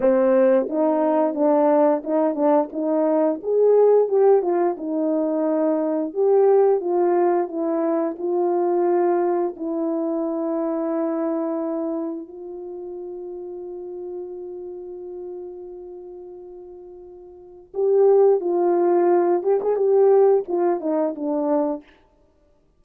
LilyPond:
\new Staff \with { instrumentName = "horn" } { \time 4/4 \tempo 4 = 88 c'4 dis'4 d'4 dis'8 d'8 | dis'4 gis'4 g'8 f'8 dis'4~ | dis'4 g'4 f'4 e'4 | f'2 e'2~ |
e'2 f'2~ | f'1~ | f'2 g'4 f'4~ | f'8 g'16 gis'16 g'4 f'8 dis'8 d'4 | }